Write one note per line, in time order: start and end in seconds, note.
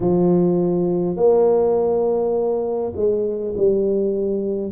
0.00 1.16 F3
1.16 2.93 A#3
2.95 3.54 G#3
3.56 4.71 G3